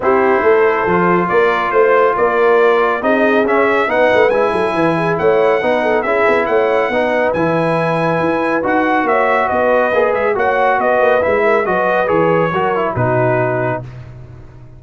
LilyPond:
<<
  \new Staff \with { instrumentName = "trumpet" } { \time 4/4 \tempo 4 = 139 c''2. d''4 | c''4 d''2 dis''4 | e''4 fis''4 gis''2 | fis''2 e''4 fis''4~ |
fis''4 gis''2. | fis''4 e''4 dis''4. e''8 | fis''4 dis''4 e''4 dis''4 | cis''2 b'2 | }
  \new Staff \with { instrumentName = "horn" } { \time 4/4 g'4 a'2 ais'4 | c''4 ais'2 gis'4~ | gis'4 b'4. a'8 b'8 gis'8 | cis''4 b'8 a'8 gis'4 cis''4 |
b'1~ | b'4 cis''4 b'2 | cis''4 b'4. ais'8 b'4~ | b'4 ais'4 fis'2 | }
  \new Staff \with { instrumentName = "trombone" } { \time 4/4 e'2 f'2~ | f'2. dis'4 | cis'4 dis'4 e'2~ | e'4 dis'4 e'2 |
dis'4 e'2. | fis'2. gis'4 | fis'2 e'4 fis'4 | gis'4 fis'8 e'8 dis'2 | }
  \new Staff \with { instrumentName = "tuba" } { \time 4/4 c'4 a4 f4 ais4 | a4 ais2 c'4 | cis'4 b8 a8 gis8 fis8 e4 | a4 b4 cis'8 b8 a4 |
b4 e2 e'4 | dis'4 ais4 b4 ais8 gis8 | ais4 b8 ais8 gis4 fis4 | e4 fis4 b,2 | }
>>